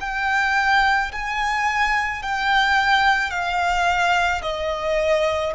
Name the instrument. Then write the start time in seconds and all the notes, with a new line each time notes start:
violin
0.00 G5
1.12 G#5
2.22 G5
3.30 F5
4.41 D#5